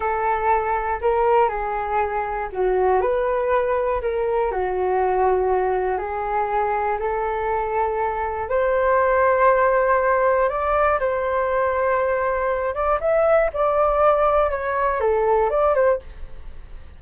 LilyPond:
\new Staff \with { instrumentName = "flute" } { \time 4/4 \tempo 4 = 120 a'2 ais'4 gis'4~ | gis'4 fis'4 b'2 | ais'4 fis'2. | gis'2 a'2~ |
a'4 c''2.~ | c''4 d''4 c''2~ | c''4. d''8 e''4 d''4~ | d''4 cis''4 a'4 d''8 c''8 | }